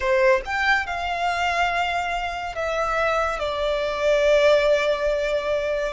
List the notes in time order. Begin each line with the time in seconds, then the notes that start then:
0.00 C5
0.45 G5
0.86 F5
2.55 E5
3.39 D5